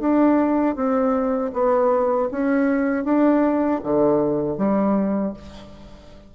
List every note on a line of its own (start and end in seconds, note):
0.00 0.76 D4
0.76 1.52 C4
1.53 2.29 B3
2.31 3.04 C#4
3.04 3.80 D4
3.84 4.58 D3
4.58 5.34 G3